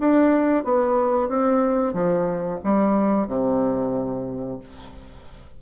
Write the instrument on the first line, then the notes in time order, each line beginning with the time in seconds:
bassoon
0.00 D4
0.65 B3
1.29 C4
1.94 F3
2.64 G3
3.28 C3